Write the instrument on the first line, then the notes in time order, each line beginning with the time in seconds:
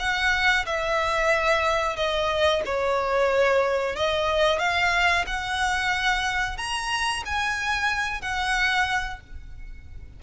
violin
0.00 F#5
0.66 E5
1.97 D#5
2.66 C#5
3.96 D#5
4.59 F5
5.27 F#5
6.58 A#5
7.26 G#5
8.22 F#5